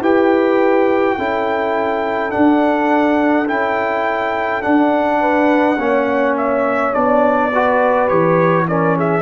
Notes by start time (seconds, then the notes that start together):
0.00 E4 G4 B4 G5
1.17 C#4 E4 A4
2.31 D4 F#5
3.47 C#4 E4 G5
4.62 D4 F#5
5.20 B4
5.78 A#3 C#4 C#5
6.37 E5
6.93 B3 D4 D5
7.52 F#4 B4
8.08 E3 G4 C#5
8.66 C#4 A#4 D5
8.97 G#4 E5